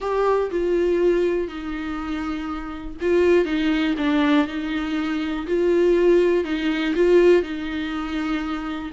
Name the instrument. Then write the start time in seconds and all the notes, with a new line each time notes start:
viola
0.00 G4
0.50 F4
1.47 D#4
3.01 F4
3.45 D#4
3.97 D4
4.47 D#4
5.46 F4
6.44 D#4
6.95 F4
7.42 D#4